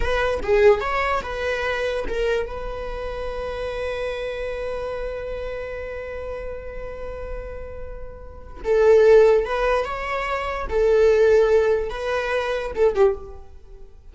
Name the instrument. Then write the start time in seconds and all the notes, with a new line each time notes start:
viola
0.00 B4
0.42 G#4
0.80 C#5
1.22 B4
2.08 A#4
2.46 B4
8.64 A4
9.45 B4
9.84 C#5
10.69 A4
11.89 B4
12.75 A4
12.94 G4